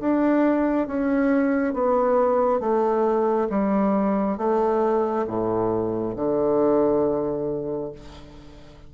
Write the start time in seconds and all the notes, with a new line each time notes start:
0.00 D4
0.87 C#4
1.74 B3
2.60 A3
3.49 G3
4.37 A3
5.27 A2
6.15 D3